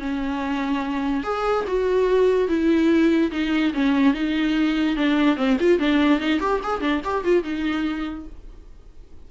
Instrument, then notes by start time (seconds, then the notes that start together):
viola
0.00 C#4
1.24 G#4
1.68 F#4
2.49 E4
3.32 D#4
3.74 C#4
4.14 D#4
4.97 D4
5.37 C4
5.60 F4
5.79 D4
6.20 D#4
6.40 G4
6.63 G#4
6.81 D4
7.05 G4
7.24 F4
7.44 D#4